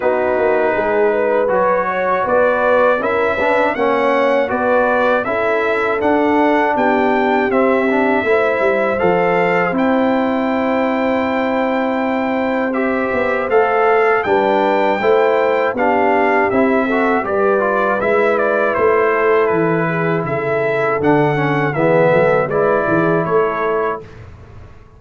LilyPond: <<
  \new Staff \with { instrumentName = "trumpet" } { \time 4/4 \tempo 4 = 80 b'2 cis''4 d''4 | e''4 fis''4 d''4 e''4 | fis''4 g''4 e''2 | f''4 g''2.~ |
g''4 e''4 f''4 g''4~ | g''4 f''4 e''4 d''4 | e''8 d''8 c''4 b'4 e''4 | fis''4 e''4 d''4 cis''4 | }
  \new Staff \with { instrumentName = "horn" } { \time 4/4 fis'4 gis'8 b'4 cis''8 b'4 | ais'8 b'8 cis''4 b'4 a'4~ | a'4 g'2 c''4~ | c''1~ |
c''2. b'4 | c''4 g'4. a'8 b'4~ | b'4. a'4 gis'8 a'4~ | a'4 gis'8 a'8 b'8 gis'8 a'4 | }
  \new Staff \with { instrumentName = "trombone" } { \time 4/4 dis'2 fis'2 | e'8 d'8 cis'4 fis'4 e'4 | d'2 c'8 d'8 e'4 | a'4 e'2.~ |
e'4 g'4 a'4 d'4 | e'4 d'4 e'8 fis'8 g'8 f'8 | e'1 | d'8 cis'8 b4 e'2 | }
  \new Staff \with { instrumentName = "tuba" } { \time 4/4 b8 ais8 gis4 fis4 b4 | cis'4 ais4 b4 cis'4 | d'4 b4 c'4 a8 g8 | f4 c'2.~ |
c'4. b8 a4 g4 | a4 b4 c'4 g4 | gis4 a4 e4 cis4 | d4 e8 fis8 gis8 e8 a4 | }
>>